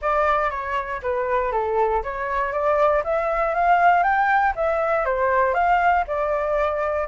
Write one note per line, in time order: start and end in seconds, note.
0.01 0.50 D5
0.50 1.00 C#5
1.02 1.52 B4
1.52 2.02 A4
2.03 2.52 C#5
2.52 3.03 D5
3.04 3.54 E5
3.54 4.03 F5
4.03 4.53 G5
4.55 5.05 E5
5.05 5.53 C5
5.53 6.04 F5
6.07 7.08 D5